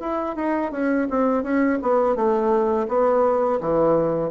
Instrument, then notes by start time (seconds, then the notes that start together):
bassoon
0.00 E4
0.35 D#4
0.71 C#4
1.10 C4
1.43 C#4
1.82 B3
2.15 A3
2.88 B3
3.60 E3